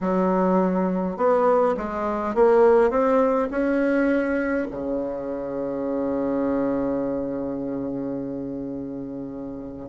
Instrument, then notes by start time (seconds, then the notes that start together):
bassoon
0.00 F#3
1.17 B3
1.77 G#3
2.34 A#3
2.90 C4
3.50 C#4
4.70 C#3